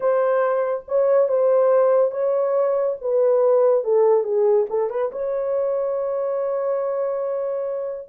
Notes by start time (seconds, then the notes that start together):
0.00 C5
0.88 C#5
1.28 C5
2.11 C#5
3.01 B4
3.84 A4
4.23 G#4
4.69 A4
4.90 B4
5.11 C#5